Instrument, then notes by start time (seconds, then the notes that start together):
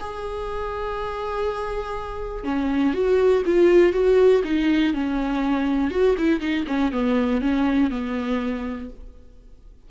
viola
0.00 G#4
2.44 C#4
2.93 F#4
3.46 F4
3.93 F#4
4.44 D#4
4.93 C#4
5.91 F#4
6.18 E4
6.40 D#4
6.67 C#4
6.92 B3
7.41 C#4
7.90 B3